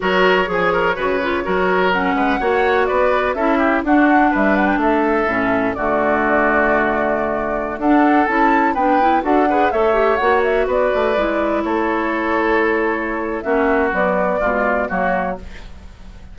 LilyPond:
<<
  \new Staff \with { instrumentName = "flute" } { \time 4/4 \tempo 4 = 125 cis''1 | fis''2 d''4 e''4 | fis''4 e''8 fis''16 g''16 e''2 | d''1~ |
d''16 fis''4 a''4 g''4 fis''8.~ | fis''16 e''4 fis''8 e''8 d''4.~ d''16~ | d''16 cis''2.~ cis''8. | e''4 d''2 cis''4 | }
  \new Staff \with { instrumentName = "oboe" } { \time 4/4 ais'4 gis'8 ais'8 b'4 ais'4~ | ais'8 b'8 cis''4 b'4 a'8 g'8 | fis'4 b'4 a'2 | fis'1~ |
fis'16 a'2 b'4 a'8 b'16~ | b'16 cis''2 b'4.~ b'16~ | b'16 a'2.~ a'8. | fis'2 f'4 fis'4 | }
  \new Staff \with { instrumentName = "clarinet" } { \time 4/4 fis'4 gis'4 fis'8 f'8 fis'4 | cis'4 fis'2 e'4 | d'2. cis'4 | a1~ |
a16 d'4 e'4 d'8 e'8 fis'8 gis'16~ | gis'16 a'8 g'8 fis'2 e'8.~ | e'1 | cis'4 fis4 gis4 ais4 | }
  \new Staff \with { instrumentName = "bassoon" } { \time 4/4 fis4 f4 cis4 fis4~ | fis8 gis8 ais4 b4 cis'4 | d'4 g4 a4 a,4 | d1~ |
d16 d'4 cis'4 b4 d'8.~ | d'16 a4 ais4 b8 a8 gis8.~ | gis16 a2.~ a8. | ais4 b4 b,4 fis4 | }
>>